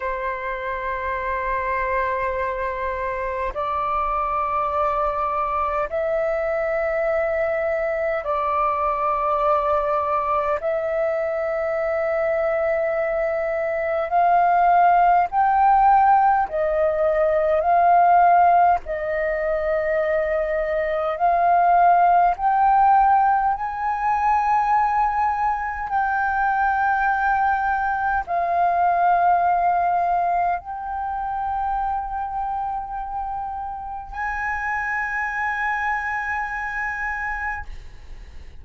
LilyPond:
\new Staff \with { instrumentName = "flute" } { \time 4/4 \tempo 4 = 51 c''2. d''4~ | d''4 e''2 d''4~ | d''4 e''2. | f''4 g''4 dis''4 f''4 |
dis''2 f''4 g''4 | gis''2 g''2 | f''2 g''2~ | g''4 gis''2. | }